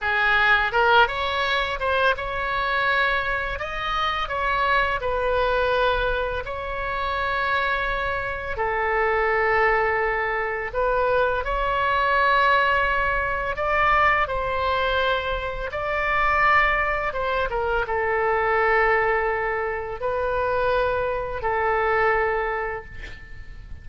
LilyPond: \new Staff \with { instrumentName = "oboe" } { \time 4/4 \tempo 4 = 84 gis'4 ais'8 cis''4 c''8 cis''4~ | cis''4 dis''4 cis''4 b'4~ | b'4 cis''2. | a'2. b'4 |
cis''2. d''4 | c''2 d''2 | c''8 ais'8 a'2. | b'2 a'2 | }